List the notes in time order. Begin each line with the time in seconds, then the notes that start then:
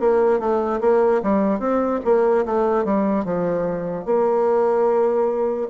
0.00 A#3
0.40 A3
0.81 A#3
1.23 G3
1.60 C4
2.05 A#3
2.46 A3
2.85 G3
3.25 F3
4.06 A#3